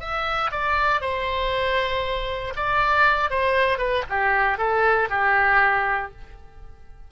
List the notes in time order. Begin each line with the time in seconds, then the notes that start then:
0.00 E5
0.52 D5
1.01 C5
2.56 D5
3.31 C5
3.78 B4
4.10 G4
4.58 A4
5.10 G4